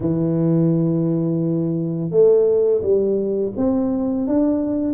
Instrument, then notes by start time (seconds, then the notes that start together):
tuba
0.00 E3
2.10 A3
2.81 G3
3.56 C4
4.27 D4